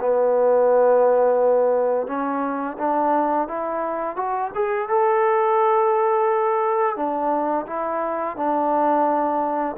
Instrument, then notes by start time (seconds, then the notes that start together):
trombone
0.00 B3
2.07 C#4
2.78 D4
3.48 E4
4.16 F#4
4.55 G#4
4.89 A4
6.96 D4
7.66 E4
8.37 D4